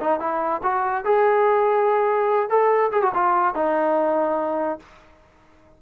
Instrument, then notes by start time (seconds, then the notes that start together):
trombone
0.00 D#4
0.20 E4
0.63 F#4
1.05 G#4
2.49 A4
2.92 G#4
3.02 F#4
3.14 F4
3.54 D#4